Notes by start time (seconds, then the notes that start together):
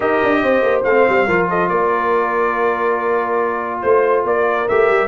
0.00 D#4 G4 A#4 D#5
0.23 D4
0.43 C4 C5
0.61 A#3
0.83 A3 C4 F5
1.08 G3
1.27 F3 F4 A#4
1.48 A4 D#5
1.68 A#3 A#4 D5
3.81 A3 C5
4.24 A#3 A#4 D5
4.68 A3 G4 E5
4.90 G3